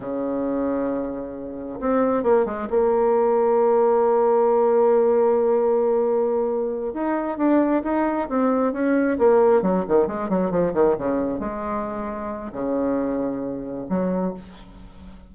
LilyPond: \new Staff \with { instrumentName = "bassoon" } { \time 4/4 \tempo 4 = 134 cis1 | c'4 ais8 gis8 ais2~ | ais1~ | ais2.~ ais8 dis'8~ |
dis'8 d'4 dis'4 c'4 cis'8~ | cis'8 ais4 fis8 dis8 gis8 fis8 f8 | dis8 cis4 gis2~ gis8 | cis2. fis4 | }